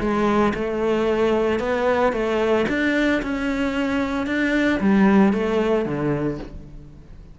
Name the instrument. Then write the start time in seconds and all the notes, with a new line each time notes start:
cello
0.00 G#3
0.54 A3
1.60 B3
2.13 A3
2.69 D4
3.22 C#4
4.27 D4
4.80 G3
5.33 A3
5.86 D3